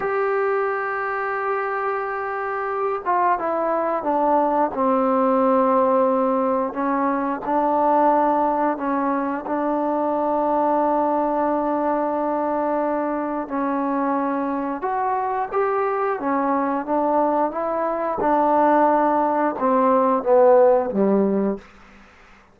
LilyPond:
\new Staff \with { instrumentName = "trombone" } { \time 4/4 \tempo 4 = 89 g'1~ | g'8 f'8 e'4 d'4 c'4~ | c'2 cis'4 d'4~ | d'4 cis'4 d'2~ |
d'1 | cis'2 fis'4 g'4 | cis'4 d'4 e'4 d'4~ | d'4 c'4 b4 g4 | }